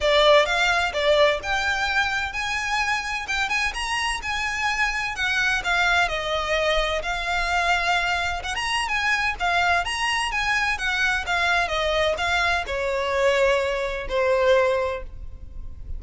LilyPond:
\new Staff \with { instrumentName = "violin" } { \time 4/4 \tempo 4 = 128 d''4 f''4 d''4 g''4~ | g''4 gis''2 g''8 gis''8 | ais''4 gis''2 fis''4 | f''4 dis''2 f''4~ |
f''2 fis''16 ais''8. gis''4 | f''4 ais''4 gis''4 fis''4 | f''4 dis''4 f''4 cis''4~ | cis''2 c''2 | }